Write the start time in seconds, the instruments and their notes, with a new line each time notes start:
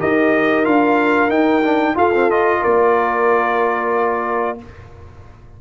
0.00 tuba D#4, trombone G4, horn A#4, trumpet D#5
0.65 tuba D4, trombone F4, trumpet F5
1.29 tuba D#4, trombone D#4, trumpet G5
1.63 trombone D4
1.95 trombone F4, tuba F4, horn A4, trumpet F5
2.14 trombone C4
2.31 trombone F4, trumpet D#5
2.61 tuba A#3, horn A#4, trumpet D5